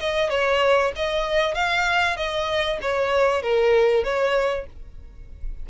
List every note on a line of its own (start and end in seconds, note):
0.00 0.30 D#5
0.30 0.92 C#5
0.96 1.55 D#5
1.55 2.17 F5
2.17 2.79 D#5
2.82 3.42 C#5
3.42 4.04 A#4
4.04 4.66 C#5